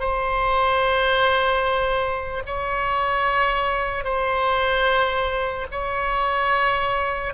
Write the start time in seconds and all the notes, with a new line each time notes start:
0.00 C5
2.47 C#5
4.04 C5
5.71 C#5